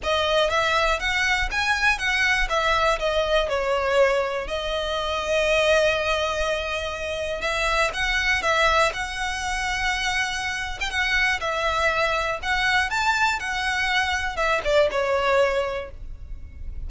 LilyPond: \new Staff \with { instrumentName = "violin" } { \time 4/4 \tempo 4 = 121 dis''4 e''4 fis''4 gis''4 | fis''4 e''4 dis''4 cis''4~ | cis''4 dis''2.~ | dis''2. e''4 |
fis''4 e''4 fis''2~ | fis''4.~ fis''16 g''16 fis''4 e''4~ | e''4 fis''4 a''4 fis''4~ | fis''4 e''8 d''8 cis''2 | }